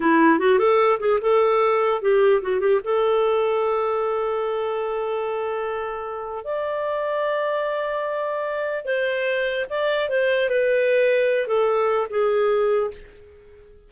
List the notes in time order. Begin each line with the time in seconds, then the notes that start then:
0.00 E4
0.39 F#4
0.58 A4
0.99 G#4
1.21 A4
2.01 G4
2.41 F#4
2.60 G4
2.84 A4
6.44 D5
8.84 C5
9.69 D5
10.09 C5
10.49 B4
11.47 A4
12.10 G#4